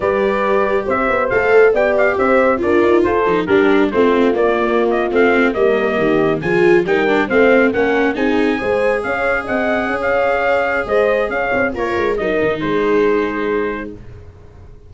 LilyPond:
<<
  \new Staff \with { instrumentName = "trumpet" } { \time 4/4 \tempo 4 = 138 d''2 e''4 f''4 | g''8 f''8 e''4 d''4 c''4 | ais'4 c''4 d''4~ d''16 dis''8 f''16~ | f''8. dis''2 gis''4 g''16~ |
g''8. f''4 fis''4 gis''4~ gis''16~ | gis''8. f''4 fis''4~ fis''16 f''4~ | f''4 dis''4 f''4 cis''4 | dis''4 c''2. | }
  \new Staff \with { instrumentName = "horn" } { \time 4/4 b'2 c''2 | d''4 c''4 ais'4 a'4 | g'4 f'2.~ | f'8. ais'4 g'4 gis'4 ais'16~ |
ais'8. c''4 ais'4 gis'4 c''16~ | c''8. cis''4 dis''4 cis''4~ cis''16~ | cis''4 c''4 cis''4 f'4 | ais'4 gis'2. | }
  \new Staff \with { instrumentName = "viola" } { \time 4/4 g'2. a'4 | g'2 f'4. dis'8 | d'4 c'4 ais4.~ ais16 c'16~ | c'8. ais2 f'4 dis'16~ |
dis'16 d'8 c'4 cis'4 dis'4 gis'16~ | gis'1~ | gis'2. ais'4 | dis'1 | }
  \new Staff \with { instrumentName = "tuba" } { \time 4/4 g2 c'8 b8 a4 | b4 c'4 d'8 dis'8 f'8 f8 | g4 a4 ais4.~ ais16 a16~ | a8. g4 dis4 f4 g16~ |
g8. a4 ais4 c'4 gis16~ | gis8. cis'4 c'4 cis'4~ cis'16~ | cis'4 gis4 cis'8 c'8 ais8 gis8 | fis8 dis8 gis2. | }
>>